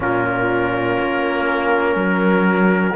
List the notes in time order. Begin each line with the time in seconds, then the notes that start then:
0.00 A#2 C#4 F4 A#4
0.99 A#3
1.95 F#3 A#4